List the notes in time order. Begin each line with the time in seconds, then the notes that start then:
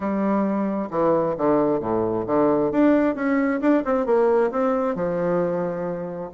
0.00 G3
0.90 E3
1.37 D3
1.80 A2
2.26 D3
2.71 D4
3.15 C#4
3.60 D4
3.84 C4
4.05 A#3
4.51 C4
4.95 F3